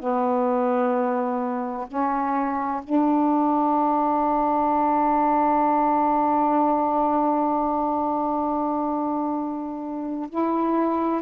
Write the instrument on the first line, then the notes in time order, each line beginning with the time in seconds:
saxophone
0.00 B3
1.88 C#4
2.84 D4
10.30 E4